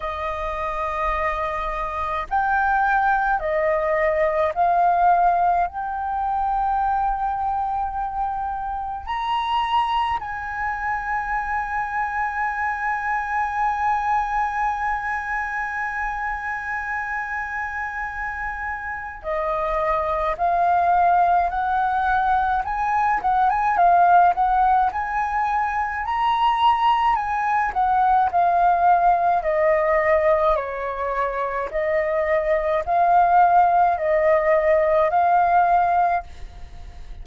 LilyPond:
\new Staff \with { instrumentName = "flute" } { \time 4/4 \tempo 4 = 53 dis''2 g''4 dis''4 | f''4 g''2. | ais''4 gis''2.~ | gis''1~ |
gis''4 dis''4 f''4 fis''4 | gis''8 fis''16 gis''16 f''8 fis''8 gis''4 ais''4 | gis''8 fis''8 f''4 dis''4 cis''4 | dis''4 f''4 dis''4 f''4 | }